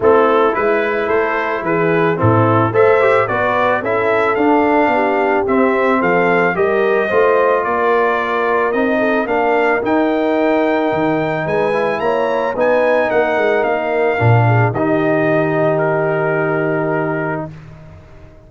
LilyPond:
<<
  \new Staff \with { instrumentName = "trumpet" } { \time 4/4 \tempo 4 = 110 a'4 b'4 c''4 b'4 | a'4 e''4 d''4 e''4 | f''2 e''4 f''4 | dis''2 d''2 |
dis''4 f''4 g''2~ | g''4 gis''4 ais''4 gis''4 | fis''4 f''2 dis''4~ | dis''4 ais'2. | }
  \new Staff \with { instrumentName = "horn" } { \time 4/4 e'2 a'4 gis'4 | e'4 c''4 b'4 a'4~ | a'4 g'2 a'4 | ais'4 c''4 ais'2~ |
ais'8 a'8 ais'2.~ | ais'4 b'4 cis''4 b'4 | ais'2~ ais'8 gis'8 g'4~ | g'1 | }
  \new Staff \with { instrumentName = "trombone" } { \time 4/4 c'4 e'2. | c'4 a'8 g'8 fis'4 e'4 | d'2 c'2 | g'4 f'2. |
dis'4 d'4 dis'2~ | dis'4. e'4. dis'4~ | dis'2 d'4 dis'4~ | dis'1 | }
  \new Staff \with { instrumentName = "tuba" } { \time 4/4 a4 gis4 a4 e4 | a,4 a4 b4 cis'4 | d'4 b4 c'4 f4 | g4 a4 ais2 |
c'4 ais4 dis'2 | dis4 gis4 ais4 b4 | ais8 gis8 ais4 ais,4 dis4~ | dis1 | }
>>